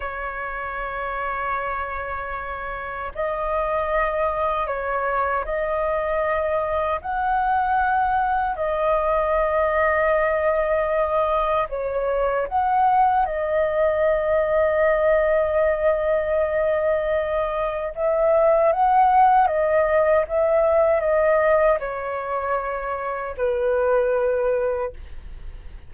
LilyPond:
\new Staff \with { instrumentName = "flute" } { \time 4/4 \tempo 4 = 77 cis''1 | dis''2 cis''4 dis''4~ | dis''4 fis''2 dis''4~ | dis''2. cis''4 |
fis''4 dis''2.~ | dis''2. e''4 | fis''4 dis''4 e''4 dis''4 | cis''2 b'2 | }